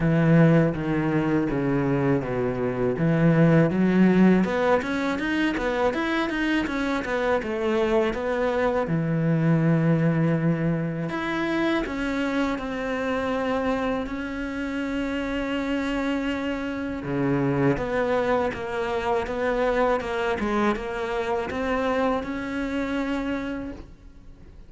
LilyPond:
\new Staff \with { instrumentName = "cello" } { \time 4/4 \tempo 4 = 81 e4 dis4 cis4 b,4 | e4 fis4 b8 cis'8 dis'8 b8 | e'8 dis'8 cis'8 b8 a4 b4 | e2. e'4 |
cis'4 c'2 cis'4~ | cis'2. cis4 | b4 ais4 b4 ais8 gis8 | ais4 c'4 cis'2 | }